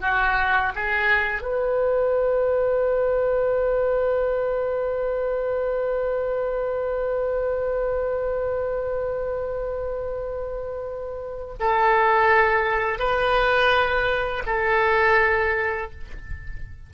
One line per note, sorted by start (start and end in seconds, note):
0.00 0.72 F#4
0.75 1.41 G#4
1.41 11.53 B4
11.59 12.99 A4
12.99 14.43 B4
14.46 15.91 A4